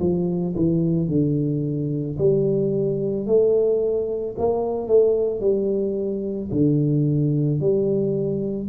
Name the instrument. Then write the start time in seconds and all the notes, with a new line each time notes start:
tuba
0.00 F3
0.56 E3
1.08 D3
2.18 G3
3.26 A3
4.38 A#3
4.87 A3
5.40 G3
6.51 D3
7.60 G3